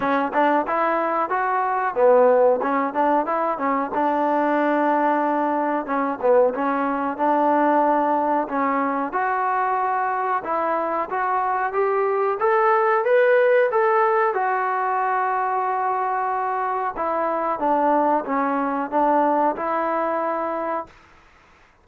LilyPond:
\new Staff \with { instrumentName = "trombone" } { \time 4/4 \tempo 4 = 92 cis'8 d'8 e'4 fis'4 b4 | cis'8 d'8 e'8 cis'8 d'2~ | d'4 cis'8 b8 cis'4 d'4~ | d'4 cis'4 fis'2 |
e'4 fis'4 g'4 a'4 | b'4 a'4 fis'2~ | fis'2 e'4 d'4 | cis'4 d'4 e'2 | }